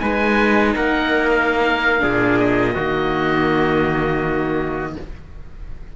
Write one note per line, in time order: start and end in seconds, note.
0.00 0.76 G#3
0.00 2.00 D#4
0.00 0.75 B4
0.00 0.73 G#5
0.76 2.03 A#3
0.76 2.03 A#4
0.76 1.31 F#5
1.31 2.40 F5
2.00 2.77 A#2
2.00 2.73 D4
2.00 2.74 G#4
2.40 4.96 D#5
2.74 4.97 D#3
2.74 4.96 A#3
2.74 4.94 F#4